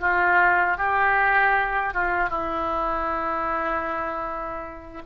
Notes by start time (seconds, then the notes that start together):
0.00 F4
0.77 G4
1.94 F4
2.29 E4